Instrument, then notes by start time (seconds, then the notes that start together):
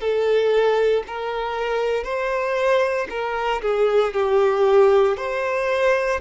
violin
0.00 A4
1.07 A#4
2.04 C5
3.09 A#4
3.62 G#4
4.13 G4
5.17 C5